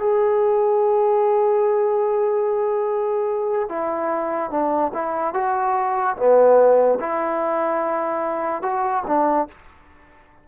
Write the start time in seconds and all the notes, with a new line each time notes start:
0.00 G#4
3.69 E4
4.51 D4
4.94 E4
5.34 F#4
6.17 B3
7.00 E4
8.62 F#4
9.07 D4